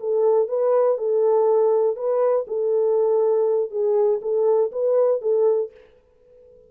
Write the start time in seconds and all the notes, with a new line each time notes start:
0.00 A4
0.48 B4
0.98 A4
1.96 B4
2.47 A4
3.71 G#4
4.22 A4
4.72 B4
5.22 A4